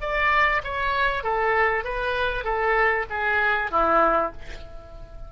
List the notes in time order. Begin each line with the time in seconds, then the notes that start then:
0.00 D5
0.63 C#5
1.23 A4
1.84 B4
2.44 A4
3.09 G#4
3.70 E4